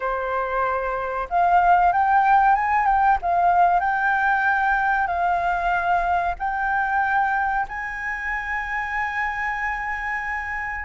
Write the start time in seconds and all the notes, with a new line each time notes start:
0.00 C5
1.29 F5
1.92 G5
2.55 G#5
2.85 G5
3.21 F5
3.80 G5
5.07 F5
6.38 G5
7.68 G#5